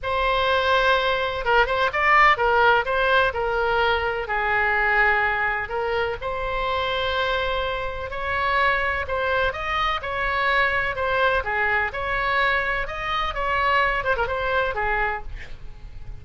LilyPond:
\new Staff \with { instrumentName = "oboe" } { \time 4/4 \tempo 4 = 126 c''2. ais'8 c''8 | d''4 ais'4 c''4 ais'4~ | ais'4 gis'2. | ais'4 c''2.~ |
c''4 cis''2 c''4 | dis''4 cis''2 c''4 | gis'4 cis''2 dis''4 | cis''4. c''16 ais'16 c''4 gis'4 | }